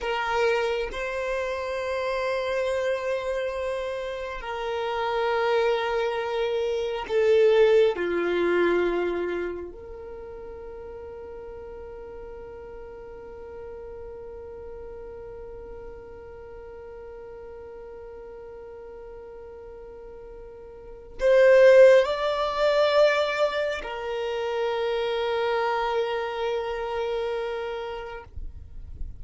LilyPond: \new Staff \with { instrumentName = "violin" } { \time 4/4 \tempo 4 = 68 ais'4 c''2.~ | c''4 ais'2. | a'4 f'2 ais'4~ | ais'1~ |
ais'1~ | ais'1 | c''4 d''2 ais'4~ | ais'1 | }